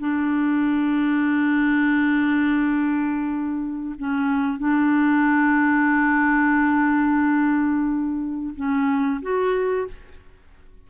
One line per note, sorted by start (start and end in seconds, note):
0.00 3.96 D4
3.99 4.59 C#4
4.59 8.54 D4
8.56 9.22 C#4
9.22 9.88 F#4